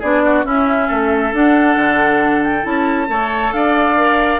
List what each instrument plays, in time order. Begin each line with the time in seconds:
0.00 bassoon B3, clarinet D4, oboe G#4, flute D5
0.25 oboe F#4
0.44 bassoon C#4, clarinet C#4, oboe E4, flute E5
0.88 bassoon A3, oboe A4
1.33 bassoon D4, clarinet D4, flute F#5
1.76 bassoon D3
2.43 flute G5
2.62 bassoon C#4, clarinet E4, flute A5
3.08 bassoon A3, clarinet A4, oboe C#5
3.52 bassoon D4, oboe D5, flute F5
3.97 clarinet A#4